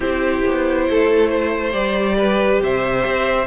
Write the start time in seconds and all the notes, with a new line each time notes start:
0.00 C4 E4 G4 C5
0.45 B3
0.89 A3 A4
1.29 C5
1.71 G3 G4 D5
2.18 B4
2.61 C3 C5 E5
3.05 C4